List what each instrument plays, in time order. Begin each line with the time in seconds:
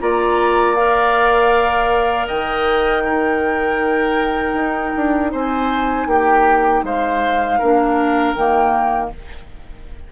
0.00 bassoon A#3, clarinet F4, oboe D5, flute A#5
0.75 clarinet A#4, flute F5
2.27 bassoon D#3, oboe D#5, flute G5
3.04 clarinet D#4, oboe A#4
4.53 bassoon D#4
4.96 bassoon D4
5.31 bassoon C4, oboe C5, flute G#5
6.06 bassoon A#3, oboe G4, flute G5
6.83 bassoon G#3, oboe C5, flute F5
7.59 bassoon A#3, clarinet D4, oboe A#4
8.33 bassoon D#3, clarinet A#3, flute G5